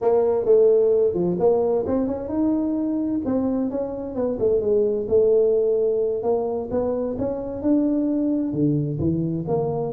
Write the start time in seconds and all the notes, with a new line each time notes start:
0.01 A#3
0.45 A3
1.13 F3
1.39 A#3
1.86 C4
2.07 C#4
2.28 D#4
3.25 C4
3.70 C#4
4.15 B3
4.39 A3
4.60 G#3
5.08 A3
6.23 A#3
6.70 B3
7.18 C#4
7.62 D4
8.52 D3
8.99 E3
9.47 A#3